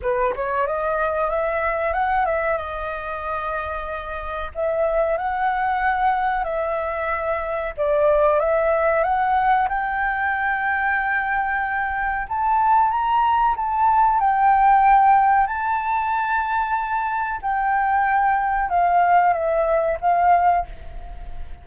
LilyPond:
\new Staff \with { instrumentName = "flute" } { \time 4/4 \tempo 4 = 93 b'8 cis''8 dis''4 e''4 fis''8 e''8 | dis''2. e''4 | fis''2 e''2 | d''4 e''4 fis''4 g''4~ |
g''2. a''4 | ais''4 a''4 g''2 | a''2. g''4~ | g''4 f''4 e''4 f''4 | }